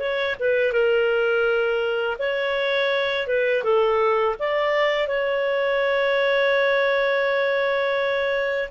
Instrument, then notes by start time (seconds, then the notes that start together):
clarinet
0.00 C#5
0.40 B4
0.73 A#4
2.19 C#5
3.28 B4
3.64 A4
4.40 D5
5.08 C#5